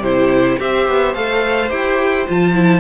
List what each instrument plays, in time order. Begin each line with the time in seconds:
0.00 cello C3, viola E4, violin G4 C5
0.60 cello C4, viola G4, violin C5 E5
0.88 cello B3
1.14 cello A3, viola A4, violin F5
1.70 cello E4, viola G4, violin G5
2.28 cello F3, viola F4, violin A5
2.54 viola E4